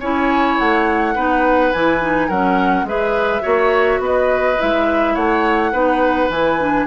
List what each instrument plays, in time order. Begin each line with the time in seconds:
0.00 bassoon C#4, clarinet E4, oboe C#5, flute G#5
0.58 bassoon A3, flute F#5
1.15 bassoon B3, clarinet D#4, oboe B4
1.72 bassoon E3, clarinet E4, flute G#5
2.01 clarinet D#4
2.28 bassoon F#3, clarinet C#4, oboe A#4, flute F#5
2.83 bassoon G#3, clarinet G#4, oboe B4, flute E5
3.41 bassoon A#3, clarinet F#4, oboe C#5
3.99 bassoon B3, oboe B4
4.05 flute D#5
4.59 bassoon G#3, clarinet E4, flute E5
5.14 bassoon A3, oboe C#5, flute F#5
5.72 bassoon B3, clarinet D#4, oboe B4
6.29 bassoon E3, clarinet E4, flute G#5
6.60 clarinet D4